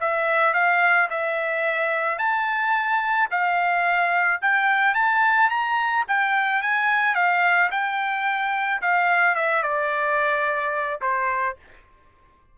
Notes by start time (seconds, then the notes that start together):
0.00 E5
0.53 F5
1.10 E5
2.18 A5
3.31 F5
4.41 G5
4.94 A5
5.49 A#5
6.08 G5
6.62 G#5
7.15 F5
7.71 G5
8.81 F5
9.35 E5
9.62 D5
11.01 C5